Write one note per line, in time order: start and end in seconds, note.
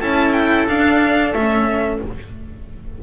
0.00 0.68 C#4
0.00 0.67 E4
0.00 2.00 A4
0.00 0.33 A5
0.33 0.66 G5
0.67 1.34 D4
0.67 1.33 D4
0.67 1.33 F5
1.33 1.99 A3
1.33 2.02 C#4
1.33 2.00 E5